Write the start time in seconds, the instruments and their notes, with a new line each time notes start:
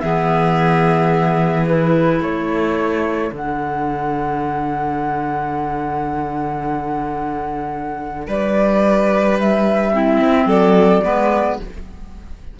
0.00 cello E3, clarinet B3, violin G#4, flute E5
1.67 clarinet E4, flute B4
2.21 cello A3, violin A4, flute C#5
3.32 cello D3, clarinet D4, flute F#5
8.28 cello G3, violin B4, flute D5
9.40 flute E5
9.93 clarinet C4, violin E4
10.21 cello C4
10.46 cello F#3, violin A4, flute D5
11.03 cello G#3, clarinet B3, violin B4